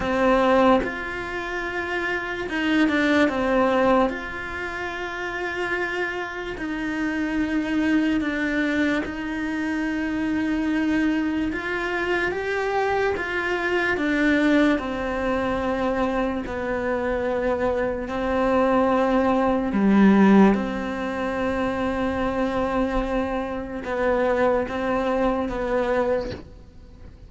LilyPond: \new Staff \with { instrumentName = "cello" } { \time 4/4 \tempo 4 = 73 c'4 f'2 dis'8 d'8 | c'4 f'2. | dis'2 d'4 dis'4~ | dis'2 f'4 g'4 |
f'4 d'4 c'2 | b2 c'2 | g4 c'2.~ | c'4 b4 c'4 b4 | }